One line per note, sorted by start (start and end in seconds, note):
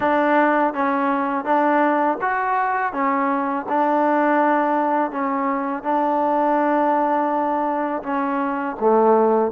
0.00 0.73 D4
0.73 1.45 C#4
1.45 2.18 D4
2.21 2.92 F#4
2.92 3.66 C#4
3.68 5.11 D4
5.11 5.83 C#4
5.83 8.02 D4
8.03 8.76 C#4
8.80 9.51 A3